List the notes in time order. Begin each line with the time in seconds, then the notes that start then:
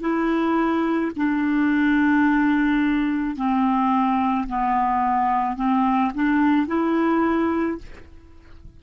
0.00 E4
1.16 D4
3.36 C4
4.47 B3
5.56 C4
6.14 D4
6.67 E4